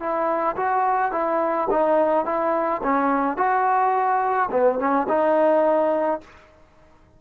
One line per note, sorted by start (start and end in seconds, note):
0.00 0.56 E4
0.57 1.12 F#4
1.12 1.68 E4
1.71 2.26 D#4
2.26 2.82 E4
2.83 3.37 C#4
3.37 4.50 F#4
4.51 4.79 B3
4.79 5.07 C#4
5.09 6.21 D#4